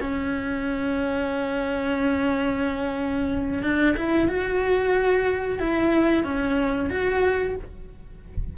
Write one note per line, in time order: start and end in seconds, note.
0.00 3.62 C#4
3.62 3.95 D4
3.96 4.28 E4
4.28 5.59 F#4
5.59 6.23 E4
6.23 6.89 C#4
6.90 7.56 F#4